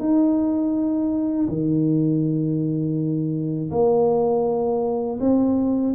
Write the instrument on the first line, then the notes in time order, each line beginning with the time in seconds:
tuba
0.00 D#4
1.48 D#3
3.71 A#3
5.20 C4